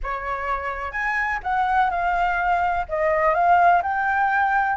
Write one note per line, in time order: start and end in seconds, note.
0.03 0.91 C#5
0.91 1.39 G#5
1.43 1.90 F#5
1.90 2.85 F5
2.88 3.34 D#5
3.34 3.82 F5
3.82 4.76 G5